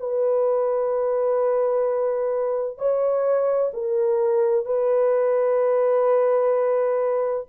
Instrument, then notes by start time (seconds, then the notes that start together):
horn
0.00 B4
2.78 C#5
3.73 A#4
4.66 B4